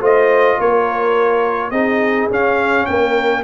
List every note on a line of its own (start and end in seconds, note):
0.00 0.57 A3
0.00 1.72 F4
0.00 0.57 C5
0.00 0.61 D#5
0.59 1.71 A#3
0.59 1.71 A#4
0.59 1.70 C#5
1.70 2.28 C4
1.70 2.30 D#4
1.70 2.86 G#4
1.70 2.27 D#5
2.30 2.87 C#4
2.30 3.44 C#4
2.30 2.86 F5
2.86 3.44 A#3
2.86 3.44 A#4
2.86 3.43 G5